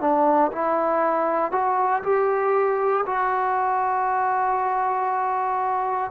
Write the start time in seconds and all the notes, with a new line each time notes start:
0.00 D4
0.51 E4
1.51 F#4
2.02 G4
3.06 F#4